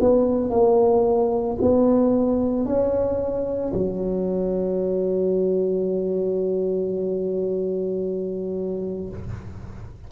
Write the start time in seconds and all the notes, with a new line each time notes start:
0.00 B3
0.50 A#3
1.62 B3
2.66 C#4
3.74 F#3